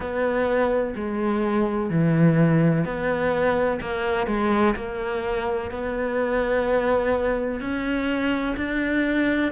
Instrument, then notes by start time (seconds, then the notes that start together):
cello
0.00 B3
0.95 G#3
1.90 E3
2.84 B3
3.81 A#3
4.26 G#3
4.75 A#3
5.70 B3
7.60 C#4
8.56 D4